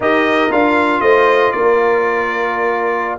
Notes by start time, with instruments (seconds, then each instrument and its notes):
0.00 tuba D#4, trombone G4, horn A#4, trumpet D#5
0.50 tuba D4, trombone F4, trumpet F5
1.00 tuba A3, horn C5, trumpet D#5
1.51 tuba A#3, horn A#4, trumpet D5